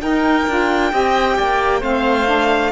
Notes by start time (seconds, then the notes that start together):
0.00 D#4 A#4 G5
0.47 D4 F4
0.91 C4 G4 D#5
1.37 A#3 D5
1.80 A3 C4 C5 F5
2.26 D4